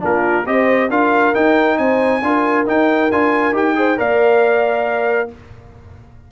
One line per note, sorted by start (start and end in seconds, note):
0.00 0.47 A#3
0.00 0.44 D4
0.00 0.47 F4
0.00 0.46 A#4
0.46 0.90 C4
0.46 0.90 G4
0.46 0.90 C5
0.46 0.90 D#5
0.90 1.34 D4
0.90 1.34 F4
0.90 1.78 A#4
0.90 1.35 F5
1.34 2.22 D#4
1.34 1.78 D#4
1.34 1.78 G5
1.78 2.22 C4
1.78 2.23 C5
1.78 2.66 G#5
2.22 2.66 D4
2.22 2.66 F4
2.22 3.77 A#4
2.66 3.10 D#4
2.66 3.11 D#4
2.66 3.11 G5
3.11 3.52 D4
3.11 3.53 F4
3.11 3.55 G#5
3.52 3.96 D#4
3.52 3.75 G4
3.52 3.99 G5
3.75 3.97 G#4
3.75 3.98 C5
3.97 5.31 A#3
3.97 5.28 A#4
3.97 5.29 D5
3.97 5.30 F5